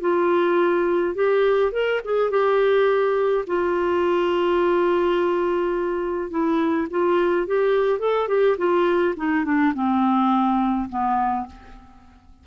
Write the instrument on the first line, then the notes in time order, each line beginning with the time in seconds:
clarinet
0.00 F4
1.15 G4
1.72 A#4
2.04 G#4
2.30 G4
3.46 F4
6.30 E4
6.90 F4
7.46 G4
7.99 A4
8.28 G4
8.57 F4
9.16 D#4
9.44 D4
9.74 C4
10.89 B3